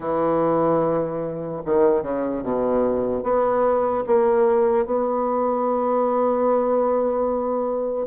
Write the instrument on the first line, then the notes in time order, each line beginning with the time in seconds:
bassoon
0.00 E3
1.65 D#3
2.02 C#3
2.43 B2
3.23 B3
4.06 A#3
4.85 B3